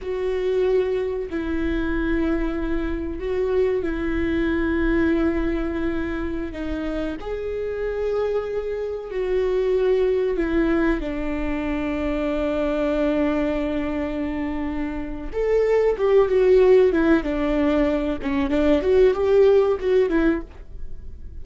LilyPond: \new Staff \with { instrumentName = "viola" } { \time 4/4 \tempo 4 = 94 fis'2 e'2~ | e'4 fis'4 e'2~ | e'2~ e'16 dis'4 gis'8.~ | gis'2~ gis'16 fis'4.~ fis'16~ |
fis'16 e'4 d'2~ d'8.~ | d'1 | a'4 g'8 fis'4 e'8 d'4~ | d'8 cis'8 d'8 fis'8 g'4 fis'8 e'8 | }